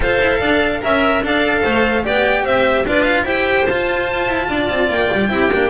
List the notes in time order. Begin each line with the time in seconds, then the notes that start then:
0.00 F4 A4 C5 F5
0.20 E4
0.40 D4 D5
0.81 C#4 A#4 E5
1.22 D4 A4 D5 F5
1.62 A3 C5
2.03 B3 G4 D5 G5
2.43 C4 C5 E5
2.85 D4 F4 B4 D5
3.03 F5
3.22 E4 G4 C5 G5
3.66 F4 A5
4.27 E4
4.48 D4 D5
4.69 C4
4.89 A#3 G5
5.12 G3
5.29 C4 E4 G4
5.53 A#3 D4